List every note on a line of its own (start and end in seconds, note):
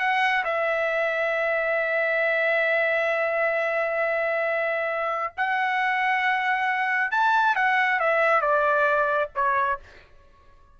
0.00 0.44 F#5
0.45 5.34 E5
5.38 7.11 F#5
7.11 7.56 A5
7.56 8.00 F#5
8.00 8.42 E5
8.42 9.31 D5
9.36 9.80 C#5